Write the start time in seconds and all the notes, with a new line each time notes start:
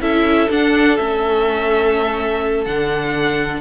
0.00 C#4 E4 A4 E5
0.49 D4 F#5
0.96 A3 C#4 E5
2.65 D3 D4 F#5